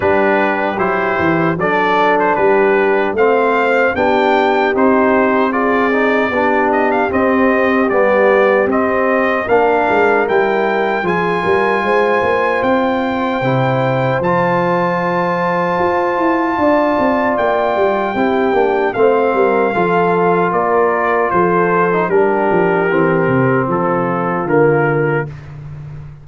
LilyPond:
<<
  \new Staff \with { instrumentName = "trumpet" } { \time 4/4 \tempo 4 = 76 b'4 c''4 d''8. c''16 b'4 | f''4 g''4 c''4 d''4~ | d''8 dis''16 f''16 dis''4 d''4 dis''4 | f''4 g''4 gis''2 |
g''2 a''2~ | a''2 g''2 | f''2 d''4 c''4 | ais'2 a'4 ais'4 | }
  \new Staff \with { instrumentName = "horn" } { \time 4/4 g'2 a'4 g'4 | c''4 g'2 gis'4 | g'1 | ais'2 gis'8 ais'8 c''4~ |
c''1~ | c''4 d''2 g'4 | c''8 ais'8 a'4 ais'4 a'4 | g'2 f'2 | }
  \new Staff \with { instrumentName = "trombone" } { \time 4/4 d'4 e'4 d'2 | c'4 d'4 dis'4 f'8 dis'8 | d'4 c'4 b4 c'4 | d'4 e'4 f'2~ |
f'4 e'4 f'2~ | f'2. e'8 d'8 | c'4 f'2~ f'8. dis'16 | d'4 c'2 ais4 | }
  \new Staff \with { instrumentName = "tuba" } { \time 4/4 g4 fis8 e8 fis4 g4 | a4 b4 c'2 | b4 c'4 g4 c'4 | ais8 gis8 g4 f8 g8 gis8 ais8 |
c'4 c4 f2 | f'8 e'8 d'8 c'8 ais8 g8 c'8 ais8 | a8 g8 f4 ais4 f4 | g8 f8 e8 c8 f4 d4 | }
>>